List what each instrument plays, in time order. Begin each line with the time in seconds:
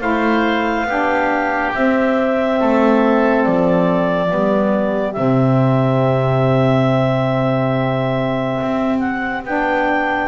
0.00 double bass A3, saxophone E4, oboe C5, clarinet F5
0.84 double bass B3, saxophone D4, oboe G4
1.74 saxophone C4, double bass C4, clarinet E5
2.60 double bass A3, oboe A4
3.44 double bass F3, clarinet D5
4.28 double bass G3, saxophone B3, oboe G4
5.13 double bass C3, saxophone C4, clarinet E5
8.61 double bass C4
8.99 clarinet F#5
9.45 double bass B3, saxophone D4, clarinet G5